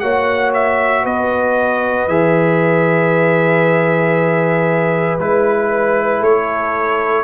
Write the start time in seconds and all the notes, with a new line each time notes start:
0.00 A#3 F#4 C#5 F#5
0.54 E5
1.03 B3 B4 D#5
2.08 E3 G#4 E5
5.19 G#3 E4 B4
6.20 A3 A4 C#5